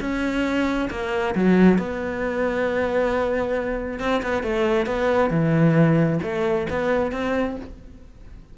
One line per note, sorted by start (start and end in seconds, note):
0.00 0.89 C#4
0.90 1.34 A#3
1.35 1.78 F#3
1.78 3.99 B3
3.99 4.21 C4
4.22 4.43 B3
4.43 4.86 A3
4.86 5.30 B3
5.30 6.19 E3
6.22 6.67 A3
6.70 7.12 B3
7.12 7.56 C4